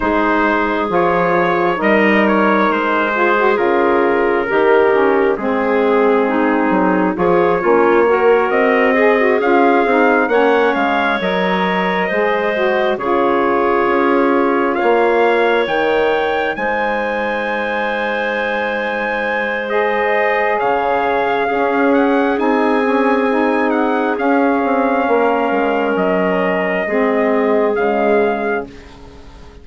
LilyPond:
<<
  \new Staff \with { instrumentName = "trumpet" } { \time 4/4 \tempo 4 = 67 c''4 cis''4 dis''8 cis''8 c''4 | ais'2 gis'2 | cis''4. dis''4 f''4 fis''8 | f''8 dis''2 cis''4.~ |
cis''8 f''4 g''4 gis''4.~ | gis''2 dis''4 f''4~ | f''8 fis''8 gis''4. fis''8 f''4~ | f''4 dis''2 f''4 | }
  \new Staff \with { instrumentName = "clarinet" } { \time 4/4 gis'2 ais'4. gis'8~ | gis'4 g'4 gis'4 dis'4 | gis'8 f'8 ais'4 gis'4. cis''8~ | cis''4. c''4 gis'4.~ |
gis'8 cis''2 c''4.~ | c''2. cis''4 | gis'1 | ais'2 gis'2 | }
  \new Staff \with { instrumentName = "saxophone" } { \time 4/4 dis'4 f'4 dis'4. f'16 fis'16 | f'4 dis'8 cis'8 c'2 | f'8 cis'8 fis'4 gis'16 fis'16 f'8 dis'8 cis'8~ | cis'8 ais'4 gis'8 fis'8 f'4.~ |
f'4. dis'2~ dis'8~ | dis'2 gis'2 | cis'4 dis'8 cis'8 dis'4 cis'4~ | cis'2 c'4 gis4 | }
  \new Staff \with { instrumentName = "bassoon" } { \time 4/4 gis4 f4 g4 gis4 | cis4 dis4 gis4. fis8 | f8 ais4 c'4 cis'8 c'8 ais8 | gis8 fis4 gis4 cis4 cis'8~ |
cis'8 ais4 dis4 gis4.~ | gis2. cis4 | cis'4 c'2 cis'8 c'8 | ais8 gis8 fis4 gis4 cis4 | }
>>